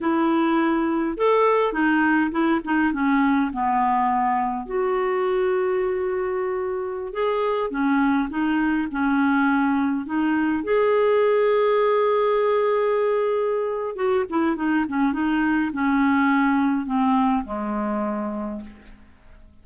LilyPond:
\new Staff \with { instrumentName = "clarinet" } { \time 4/4 \tempo 4 = 103 e'2 a'4 dis'4 | e'8 dis'8 cis'4 b2 | fis'1~ | fis'16 gis'4 cis'4 dis'4 cis'8.~ |
cis'4~ cis'16 dis'4 gis'4.~ gis'16~ | gis'1 | fis'8 e'8 dis'8 cis'8 dis'4 cis'4~ | cis'4 c'4 gis2 | }